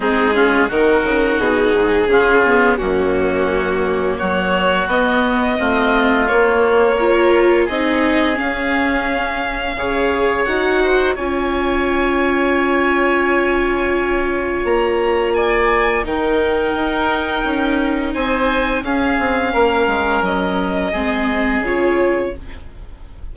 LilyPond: <<
  \new Staff \with { instrumentName = "violin" } { \time 4/4 \tempo 4 = 86 gis'4 ais'4 gis'2 | fis'2 cis''4 dis''4~ | dis''4 cis''2 dis''4 | f''2. fis''4 |
gis''1~ | gis''4 ais''4 gis''4 g''4~ | g''2 gis''4 f''4~ | f''4 dis''2 cis''4 | }
  \new Staff \with { instrumentName = "oboe" } { \time 4/4 dis'8 f'8 fis'2 f'4 | cis'2 fis'2 | f'2 ais'4 gis'4~ | gis'2 cis''4. c''8 |
cis''1~ | cis''2 d''4 ais'4~ | ais'2 c''4 gis'4 | ais'2 gis'2 | }
  \new Staff \with { instrumentName = "viola" } { \time 4/4 c'8 cis'8 dis'2 cis'8 b8 | ais2. b4 | c'4 ais4 f'4 dis'4 | cis'2 gis'4 fis'4 |
f'1~ | f'2. dis'4~ | dis'2. cis'4~ | cis'2 c'4 f'4 | }
  \new Staff \with { instrumentName = "bassoon" } { \time 4/4 gis4 dis8 cis8 b,8 gis,8 cis4 | fis,2 fis4 b4 | a4 ais2 c'4 | cis'2 cis4 dis'4 |
cis'1~ | cis'4 ais2 dis4 | dis'4 cis'4 c'4 cis'8 c'8 | ais8 gis8 fis4 gis4 cis4 | }
>>